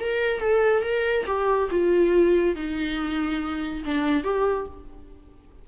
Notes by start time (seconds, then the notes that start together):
0.00 A#4
0.41 A4
0.83 A#4
1.26 G4
1.71 F4
2.56 D#4
3.85 D4
4.24 G4